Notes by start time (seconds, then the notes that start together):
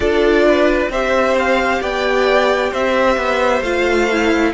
0.00 D4 F4 A4 D5
0.48 B4
0.89 C4 G4 C5 E5
1.38 F5
1.81 B3 D5 G5
2.71 C4 C5 E5
3.16 B3
3.61 A3 F4 F5
4.11 E4